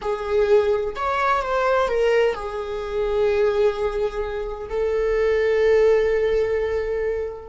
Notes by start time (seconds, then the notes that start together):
0.01 G#4
0.95 C#5
1.42 C5
1.88 A#4
2.34 G#4
4.69 A4